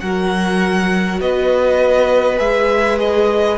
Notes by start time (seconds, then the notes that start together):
0.00 F#3 F#4 A#4 F#5
1.21 B3 B4 D#5
2.37 G#3 G#4 E5
2.99 D#5